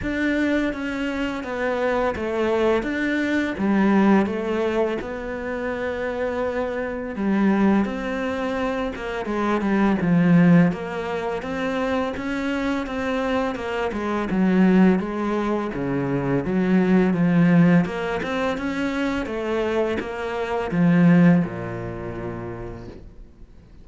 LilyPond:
\new Staff \with { instrumentName = "cello" } { \time 4/4 \tempo 4 = 84 d'4 cis'4 b4 a4 | d'4 g4 a4 b4~ | b2 g4 c'4~ | c'8 ais8 gis8 g8 f4 ais4 |
c'4 cis'4 c'4 ais8 gis8 | fis4 gis4 cis4 fis4 | f4 ais8 c'8 cis'4 a4 | ais4 f4 ais,2 | }